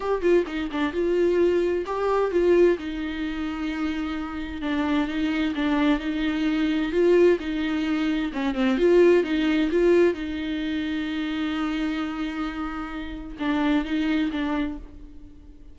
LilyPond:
\new Staff \with { instrumentName = "viola" } { \time 4/4 \tempo 4 = 130 g'8 f'8 dis'8 d'8 f'2 | g'4 f'4 dis'2~ | dis'2 d'4 dis'4 | d'4 dis'2 f'4 |
dis'2 cis'8 c'8 f'4 | dis'4 f'4 dis'2~ | dis'1~ | dis'4 d'4 dis'4 d'4 | }